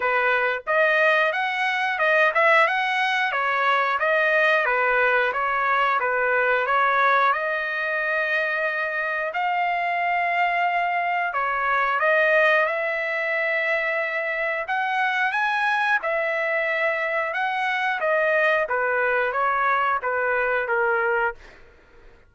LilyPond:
\new Staff \with { instrumentName = "trumpet" } { \time 4/4 \tempo 4 = 90 b'4 dis''4 fis''4 dis''8 e''8 | fis''4 cis''4 dis''4 b'4 | cis''4 b'4 cis''4 dis''4~ | dis''2 f''2~ |
f''4 cis''4 dis''4 e''4~ | e''2 fis''4 gis''4 | e''2 fis''4 dis''4 | b'4 cis''4 b'4 ais'4 | }